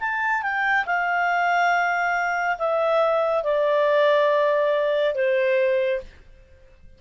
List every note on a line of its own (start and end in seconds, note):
0.00 0.43 A5
0.43 0.86 G5
0.86 2.58 F5
2.59 3.44 E5
3.44 5.15 D5
5.15 6.01 C5